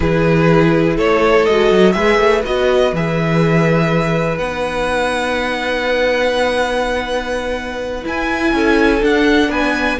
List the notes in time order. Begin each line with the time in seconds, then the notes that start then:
0.00 E3 E4 G#4 B4
0.96 A3 A4 C#5
1.45 G#3 F#4 D#5
1.71 F#3
1.92 G#3 G#4 B4 E5
2.18 A3
2.44 B3 F#4 D#5
2.92 E3 G#4 E5
4.38 B3 D#4 F#5
8.03 E4 G#5
8.52 C#4 A4
9.01 D4 F#5
9.48 B3 B4 G#5